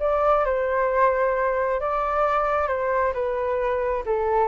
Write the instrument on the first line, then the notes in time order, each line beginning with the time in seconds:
flute
0.00 D5
0.45 C5
1.80 D5
2.68 C5
3.14 B4
4.06 A4